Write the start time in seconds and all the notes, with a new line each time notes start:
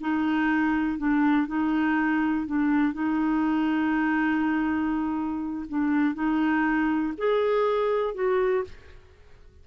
0.00 D#4
0.98 D4
1.47 D#4
2.46 D4
2.93 D#4
5.68 D4
6.14 D#4
7.17 G#4
8.14 F#4